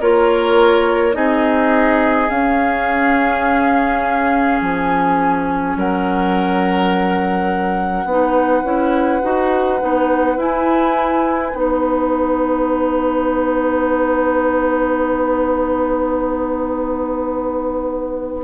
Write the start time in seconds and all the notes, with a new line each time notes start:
0.00 A#3 F4 A#4 C#5
1.12 C4 D#4 G#4 D#5
2.30 C#4 F5
4.61 F3 G#5
5.76 F#3 A#4 F#5
8.05 B3 D#4 B4
8.64 C#4 E4
9.23 D#4 F#4
9.80 B3 D#4
10.37 E4 G#5
11.53 B3 D#4 F#5